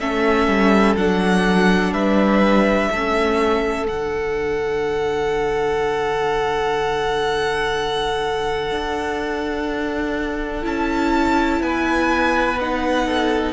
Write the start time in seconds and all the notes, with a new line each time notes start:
0.00 A3 C#4 A4 E5
0.48 G3
0.97 F#3 D4 F#5
1.93 G3 B4 E5
2.91 A3 C#4 A4
3.86 D3 D4 F#5
8.72 D4
10.63 C#4 E4 A5
11.61 B3 B4 G#5
12.61 D#4 F#5
13.06 A4